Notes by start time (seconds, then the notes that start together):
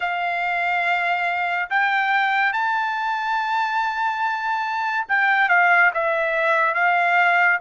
0.00 F5
1.69 G5
2.52 A5
5.08 G5
5.49 F5
5.93 E5
6.74 F5